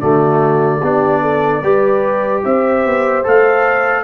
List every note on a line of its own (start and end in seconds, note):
0.00 0.82 D3
0.00 0.82 A3
0.00 0.81 F#4
0.00 2.43 D5
0.82 1.62 B3
0.82 1.63 D4
0.82 1.22 G4
1.22 1.62 A4
1.62 2.43 G3
1.62 3.24 G4
1.62 2.43 B4
2.45 2.86 C4
2.45 4.04 C5
2.45 3.26 E5
2.86 3.26 B3
3.24 4.04 A3
3.24 4.04 A4
3.24 4.04 F5